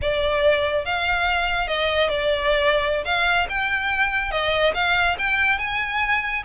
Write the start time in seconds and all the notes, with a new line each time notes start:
0.01 D5
0.85 F5
1.67 D#5
2.09 D5
3.04 F5
3.49 G5
4.31 D#5
4.74 F5
5.18 G5
5.58 G#5